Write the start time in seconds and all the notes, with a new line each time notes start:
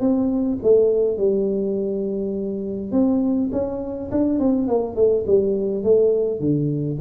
0.00 C4
0.62 A3
1.17 G3
2.92 C4
3.52 C#4
4.11 D4
4.39 C4
4.68 A#3
4.95 A3
5.27 G3
5.83 A3
6.40 D3